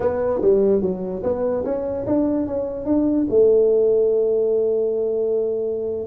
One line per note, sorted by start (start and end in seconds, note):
0.00 0.41 B3
0.41 0.81 G3
0.81 1.22 F#3
1.23 1.64 B3
1.64 2.05 C#4
2.06 2.46 D4
2.46 2.85 C#4
2.85 3.26 D4
3.30 6.07 A3